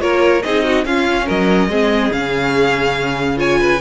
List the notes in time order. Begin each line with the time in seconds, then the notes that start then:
0.00 A#3 F4 A#4 C#5
0.43 C4 D#4 G#4 D#5
0.64 F#4
0.85 C#4 F4 F5
1.26 F#3 A#4 D#5
1.68 G#3 C4 G#4
2.12 C#3 C#4 F5
3.36 F4 C#5 G#5
3.60 B4